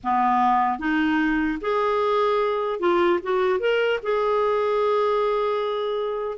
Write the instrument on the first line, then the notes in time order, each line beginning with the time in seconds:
clarinet
0.03 B3
0.79 D#4
1.61 G#4
2.79 F4
3.22 F#4
3.59 A#4
4.02 G#4